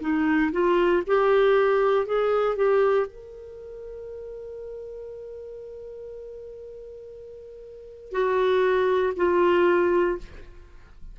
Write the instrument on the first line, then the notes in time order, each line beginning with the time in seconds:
clarinet
0.00 D#4
0.52 F4
1.07 G4
2.06 G#4
2.56 G4
3.06 A#4
8.11 F#4
9.16 F4